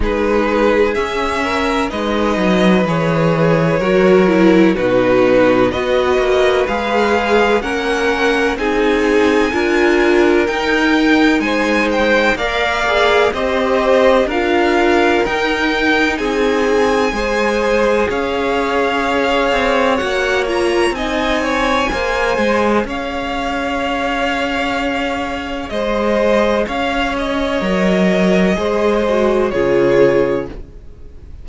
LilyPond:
<<
  \new Staff \with { instrumentName = "violin" } { \time 4/4 \tempo 4 = 63 b'4 e''4 dis''4 cis''4~ | cis''4 b'4 dis''4 f''4 | fis''4 gis''2 g''4 | gis''8 g''8 f''4 dis''4 f''4 |
g''4 gis''2 f''4~ | f''4 fis''8 ais''8 gis''2 | f''2. dis''4 | f''8 dis''2~ dis''8 cis''4 | }
  \new Staff \with { instrumentName = "violin" } { \time 4/4 gis'4. ais'8 b'2 | ais'4 fis'4 b'2 | ais'4 gis'4 ais'2 | c''4 d''4 c''4 ais'4~ |
ais'4 gis'4 c''4 cis''4~ | cis''2 dis''8 cis''8 c''4 | cis''2. c''4 | cis''2 c''4 gis'4 | }
  \new Staff \with { instrumentName = "viola" } { \time 4/4 dis'4 cis'4 dis'4 gis'4 | fis'8 e'8 dis'4 fis'4 gis'4 | cis'4 dis'4 f'4 dis'4~ | dis'4 ais'8 gis'8 g'4 f'4 |
dis'2 gis'2~ | gis'4 fis'8 f'8 dis'4 gis'4~ | gis'1~ | gis'4 ais'4 gis'8 fis'8 f'4 | }
  \new Staff \with { instrumentName = "cello" } { \time 4/4 gis4 cis'4 gis8 fis8 e4 | fis4 b,4 b8 ais8 gis4 | ais4 c'4 d'4 dis'4 | gis4 ais4 c'4 d'4 |
dis'4 c'4 gis4 cis'4~ | cis'8 c'8 ais4 c'4 ais8 gis8 | cis'2. gis4 | cis'4 fis4 gis4 cis4 | }
>>